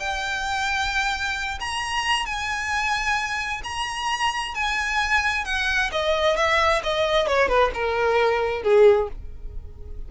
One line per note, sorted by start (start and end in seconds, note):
0.00 1.59 G5
1.60 2.26 A#5
2.26 3.62 G#5
3.64 4.55 A#5
4.55 5.45 G#5
5.45 5.90 F#5
5.92 6.37 D#5
6.37 6.82 E5
6.83 7.27 D#5
7.27 7.48 C#5
7.48 7.71 B4
7.74 8.63 A#4
8.63 9.08 G#4